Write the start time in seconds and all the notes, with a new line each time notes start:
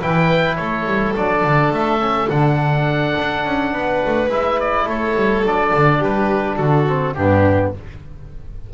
0.00 E3 E4 B4 G5
0.56 A3 A4 C#5
0.86 G3
1.16 F#3 D4 D5
1.44 D3
1.71 A3 E5
2.00 C#4
2.30 D3 D4 F#5
3.19 D4
3.45 C#4
3.73 B3 B4
4.06 A3
4.28 G#3 E4 E5
4.60 D5
4.84 A3 A4 C#5
5.16 G3
5.44 F#3 D4 D5
5.74 D3
5.99 G3 G4 B4
6.56 D3 F#4 A4
6.88 C4
7.15 G2 B3 D4 G4